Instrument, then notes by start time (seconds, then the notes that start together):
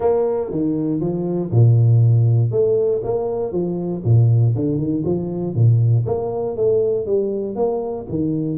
tuba
0.00 A#3
0.50 D#3
1.00 F3
1.51 A#2
2.51 A3
3.03 A#3
3.52 F3
4.04 A#2
4.55 D3
4.78 D#3
5.04 F3
5.54 A#2
6.05 A#3
6.56 A3
7.06 G3
7.55 A#3
8.09 D#3